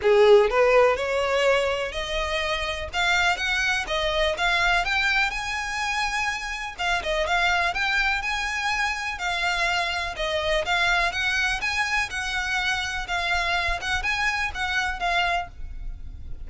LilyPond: \new Staff \with { instrumentName = "violin" } { \time 4/4 \tempo 4 = 124 gis'4 b'4 cis''2 | dis''2 f''4 fis''4 | dis''4 f''4 g''4 gis''4~ | gis''2 f''8 dis''8 f''4 |
g''4 gis''2 f''4~ | f''4 dis''4 f''4 fis''4 | gis''4 fis''2 f''4~ | f''8 fis''8 gis''4 fis''4 f''4 | }